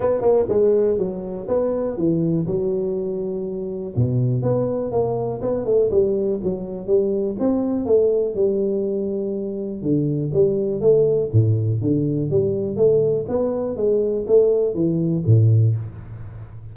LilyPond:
\new Staff \with { instrumentName = "tuba" } { \time 4/4 \tempo 4 = 122 b8 ais8 gis4 fis4 b4 | e4 fis2. | b,4 b4 ais4 b8 a8 | g4 fis4 g4 c'4 |
a4 g2. | d4 g4 a4 a,4 | d4 g4 a4 b4 | gis4 a4 e4 a,4 | }